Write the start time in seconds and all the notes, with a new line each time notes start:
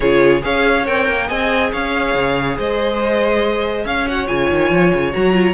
0.00 C#3 F4 G#4 C#5
0.41 C#4 G#4 C#5 F5
0.85 C4 A#4 G5
1.08 A#3
1.27 C4 G#4 D#5 G#5
1.72 C#4 C#5 F5
2.14 C#3
2.57 G#3 C5 D#5
3.84 C#4 C#5 F5
4.06 F#4 F#5
4.26 C#3 F4 G#5
4.50 D#3
4.70 F3
4.93 C#3
5.12 F#3 F#4 A#5
5.32 F4